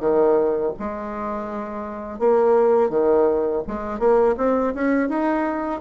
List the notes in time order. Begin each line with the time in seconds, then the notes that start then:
0.00 D#3
0.79 G#3
2.19 A#3
2.90 D#3
3.67 G#3
3.99 A#3
4.38 C4
4.75 C#4
5.09 D#4